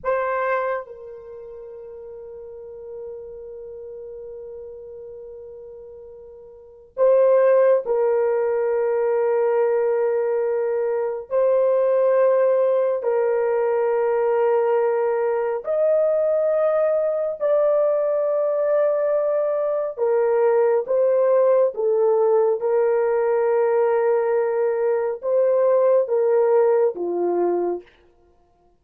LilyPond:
\new Staff \with { instrumentName = "horn" } { \time 4/4 \tempo 4 = 69 c''4 ais'2.~ | ais'1 | c''4 ais'2.~ | ais'4 c''2 ais'4~ |
ais'2 dis''2 | d''2. ais'4 | c''4 a'4 ais'2~ | ais'4 c''4 ais'4 f'4 | }